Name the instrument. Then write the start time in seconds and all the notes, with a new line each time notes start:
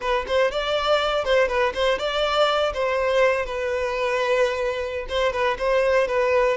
violin
0.00 B4
0.27 C5
0.51 D5
1.24 C5
1.48 B4
1.74 C5
1.98 D5
2.73 C5
3.45 B4
5.08 C5
5.32 B4
5.58 C5
6.07 B4